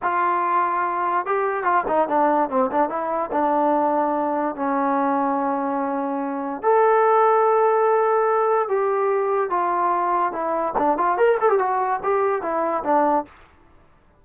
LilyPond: \new Staff \with { instrumentName = "trombone" } { \time 4/4 \tempo 4 = 145 f'2. g'4 | f'8 dis'8 d'4 c'8 d'8 e'4 | d'2. cis'4~ | cis'1 |
a'1~ | a'4 g'2 f'4~ | f'4 e'4 d'8 f'8 ais'8 a'16 g'16 | fis'4 g'4 e'4 d'4 | }